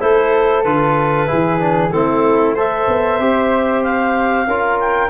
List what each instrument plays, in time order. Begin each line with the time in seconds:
0.00 tuba A3, trombone E4, flute A4, clarinet C5
0.63 tuba D3, trombone F4, clarinet B4
1.27 tuba E3, trombone E4, flute G#4
1.59 trombone D4
1.91 tuba A3, trombone C4, flute E4, clarinet A4
2.55 trombone A4, flute C5, clarinet E5
2.87 tuba B3
3.20 tuba C4, trombone G4
3.83 clarinet F5
4.47 tuba C#4, trombone F4, flute A#4
4.79 clarinet G5